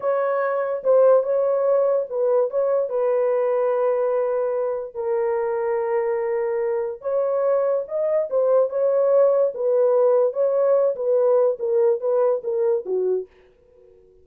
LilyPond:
\new Staff \with { instrumentName = "horn" } { \time 4/4 \tempo 4 = 145 cis''2 c''4 cis''4~ | cis''4 b'4 cis''4 b'4~ | b'1 | ais'1~ |
ais'4 cis''2 dis''4 | c''4 cis''2 b'4~ | b'4 cis''4. b'4. | ais'4 b'4 ais'4 fis'4 | }